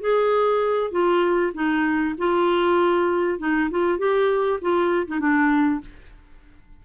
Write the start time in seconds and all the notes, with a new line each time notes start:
0.00 G#4
0.91 F4
1.54 D#4
2.18 F4
3.38 D#4
3.70 F4
3.98 G4
4.61 F4
5.07 D#4
5.19 D4